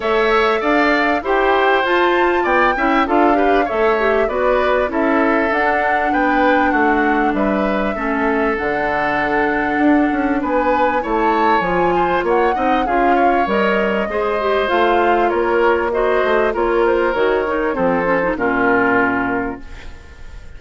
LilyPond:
<<
  \new Staff \with { instrumentName = "flute" } { \time 4/4 \tempo 4 = 98 e''4 f''4 g''4 a''4 | g''4 f''4 e''4 d''4 | e''4 fis''4 g''4 fis''4 | e''2 fis''2~ |
fis''4 gis''4 a''4 gis''4 | fis''4 f''4 dis''2 | f''4 cis''4 dis''4 cis''8 c''8 | cis''4 c''4 ais'2 | }
  \new Staff \with { instrumentName = "oboe" } { \time 4/4 cis''4 d''4 c''2 | d''8 e''8 a'8 b'8 cis''4 b'4 | a'2 b'4 fis'4 | b'4 a'2.~ |
a'4 b'4 cis''4. c''8 | cis''8 dis''8 gis'8 cis''4. c''4~ | c''4 ais'4 c''4 ais'4~ | ais'4 a'4 f'2 | }
  \new Staff \with { instrumentName = "clarinet" } { \time 4/4 a'2 g'4 f'4~ | f'8 e'8 f'8 g'8 a'8 g'8 fis'4 | e'4 d'2.~ | d'4 cis'4 d'2~ |
d'2 e'4 f'4~ | f'8 dis'8 f'4 ais'4 gis'8 g'8 | f'2 fis'4 f'4 | fis'8 dis'8 c'8 cis'16 dis'16 cis'2 | }
  \new Staff \with { instrumentName = "bassoon" } { \time 4/4 a4 d'4 e'4 f'4 | b8 cis'8 d'4 a4 b4 | cis'4 d'4 b4 a4 | g4 a4 d2 |
d'8 cis'8 b4 a4 f4 | ais8 c'8 cis'4 g4 gis4 | a4 ais4. a8 ais4 | dis4 f4 ais,2 | }
>>